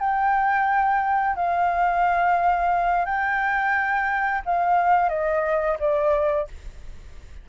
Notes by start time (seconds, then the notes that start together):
0.00 G5
1.36 F5
3.06 G5
4.45 F5
5.09 D#5
5.80 D5